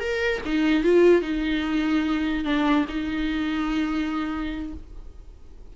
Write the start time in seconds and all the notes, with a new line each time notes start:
0.00 A#4
0.45 D#4
0.84 F4
1.21 D#4
2.44 D4
2.88 D#4